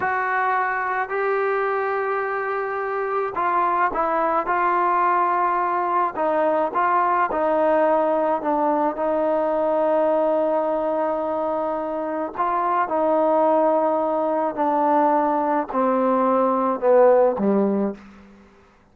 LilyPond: \new Staff \with { instrumentName = "trombone" } { \time 4/4 \tempo 4 = 107 fis'2 g'2~ | g'2 f'4 e'4 | f'2. dis'4 | f'4 dis'2 d'4 |
dis'1~ | dis'2 f'4 dis'4~ | dis'2 d'2 | c'2 b4 g4 | }